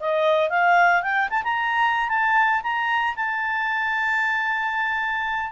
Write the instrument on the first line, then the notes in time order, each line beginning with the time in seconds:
clarinet
0.00 D#5
0.50 F5
1.03 G5
1.30 A5
1.44 A#5
2.09 A5
2.63 A#5
3.16 A5